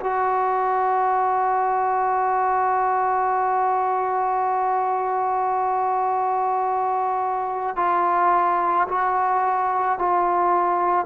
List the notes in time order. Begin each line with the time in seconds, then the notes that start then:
0.00 F#4
7.76 F4
8.88 F#4
9.98 F4